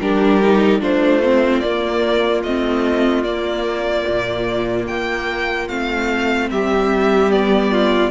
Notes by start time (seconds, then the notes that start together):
0.00 G3 D4 G4 A#4
0.43 D#4
0.80 A3 D4 F4 C5
1.23 C4
1.60 A#3 D5
2.43 A3 C4 D#5
3.24 A#3 D5
4.07 A#2
4.87 A#3 G5
5.68 A3 C4 F5
6.50 G3 G4 E5
7.30 B3 D5
7.71 F4